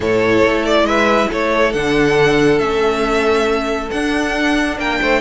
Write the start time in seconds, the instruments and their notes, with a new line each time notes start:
0.00 cello A2, viola E4, violin A4 C#5
0.44 cello A3
0.65 violin D5
0.83 cello G#3, violin B4 E5
1.29 cello A3, violin A4 C#5
1.72 cello D3, viola D4, violin F#5
2.58 cello A3, viola C#4, violin E5
3.91 cello D4, viola D4, violin F#5
4.78 cello A#3, violin A#4 G5
5.01 cello A3, violin C5